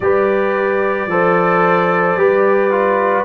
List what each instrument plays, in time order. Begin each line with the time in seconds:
0.00 tuba G3, trombone G4, horn B4, trumpet D5
1.06 tuba F3, trombone A4, horn C5
2.15 tuba G3, trombone G4, horn B4
2.70 trombone F4